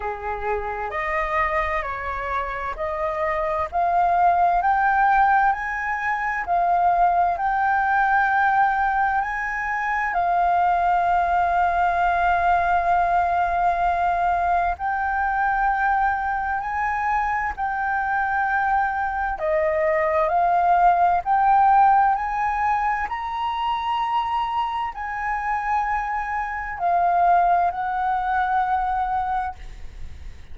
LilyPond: \new Staff \with { instrumentName = "flute" } { \time 4/4 \tempo 4 = 65 gis'4 dis''4 cis''4 dis''4 | f''4 g''4 gis''4 f''4 | g''2 gis''4 f''4~ | f''1 |
g''2 gis''4 g''4~ | g''4 dis''4 f''4 g''4 | gis''4 ais''2 gis''4~ | gis''4 f''4 fis''2 | }